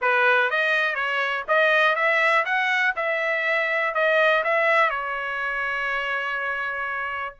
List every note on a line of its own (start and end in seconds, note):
0.01 0.50 B4
0.50 0.94 D#5
0.94 1.44 C#5
1.48 1.95 D#5
1.95 2.44 E5
2.45 2.94 F#5
2.96 3.94 E5
3.94 4.43 D#5
4.44 4.89 E5
4.89 7.35 C#5